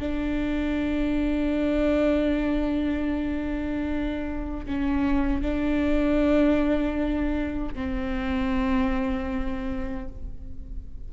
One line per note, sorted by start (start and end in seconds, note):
0.00 4.66 D4
4.66 5.42 C#4
5.42 7.75 D4
7.75 10.09 C4